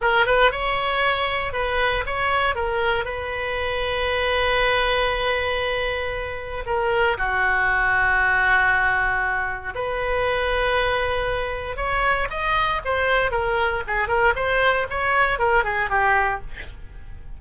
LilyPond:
\new Staff \with { instrumentName = "oboe" } { \time 4/4 \tempo 4 = 117 ais'8 b'8 cis''2 b'4 | cis''4 ais'4 b'2~ | b'1~ | b'4 ais'4 fis'2~ |
fis'2. b'4~ | b'2. cis''4 | dis''4 c''4 ais'4 gis'8 ais'8 | c''4 cis''4 ais'8 gis'8 g'4 | }